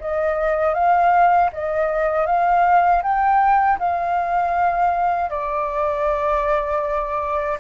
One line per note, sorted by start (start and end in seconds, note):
0.00 0.74 D#5
0.74 1.50 F5
1.52 2.26 D#5
2.26 3.02 F5
3.02 3.78 G5
3.79 5.30 F5
5.30 7.57 D5